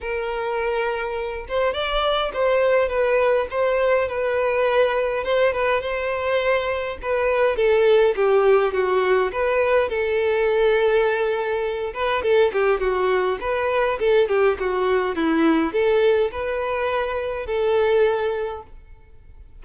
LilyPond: \new Staff \with { instrumentName = "violin" } { \time 4/4 \tempo 4 = 103 ais'2~ ais'8 c''8 d''4 | c''4 b'4 c''4 b'4~ | b'4 c''8 b'8 c''2 | b'4 a'4 g'4 fis'4 |
b'4 a'2.~ | a'8 b'8 a'8 g'8 fis'4 b'4 | a'8 g'8 fis'4 e'4 a'4 | b'2 a'2 | }